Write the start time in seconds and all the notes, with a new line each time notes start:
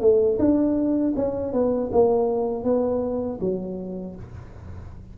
0.00 A3
0.39 D4
1.16 C#4
1.53 B3
1.92 A#3
2.64 B3
3.40 F#3